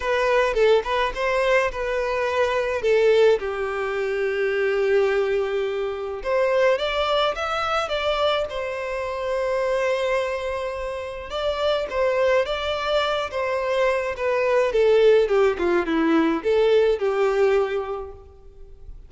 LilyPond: \new Staff \with { instrumentName = "violin" } { \time 4/4 \tempo 4 = 106 b'4 a'8 b'8 c''4 b'4~ | b'4 a'4 g'2~ | g'2. c''4 | d''4 e''4 d''4 c''4~ |
c''1 | d''4 c''4 d''4. c''8~ | c''4 b'4 a'4 g'8 f'8 | e'4 a'4 g'2 | }